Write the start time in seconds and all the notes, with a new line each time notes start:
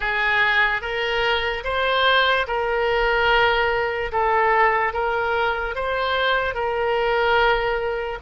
0.00 G#4
0.81 A#4
1.64 C5
2.47 A#4
4.11 A4
4.93 A#4
5.75 C5
6.54 A#4